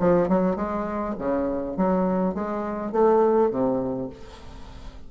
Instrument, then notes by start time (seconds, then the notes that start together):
bassoon
0.00 F3
0.29 F#3
0.57 G#3
1.19 C#3
1.77 F#3
2.35 G#3
2.93 A3
3.51 C3